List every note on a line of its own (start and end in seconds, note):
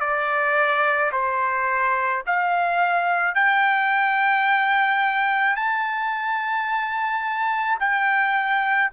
0.00 1.11 D5
1.12 2.23 C5
2.26 3.35 F5
3.35 5.56 G5
5.56 7.78 A5
7.79 8.90 G5